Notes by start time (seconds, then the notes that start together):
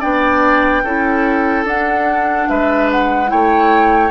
0.00 B3 D4 D5 G5
0.84 C#4 E4 A4
1.64 D4 F#5
2.49 G#3 B4 E5
2.91 F#5
3.27 A3 E4 C#5 G5